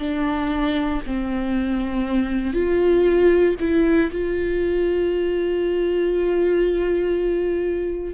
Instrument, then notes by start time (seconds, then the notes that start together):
viola
0.00 D4
1.07 C4
2.54 F4
3.60 E4
4.11 F4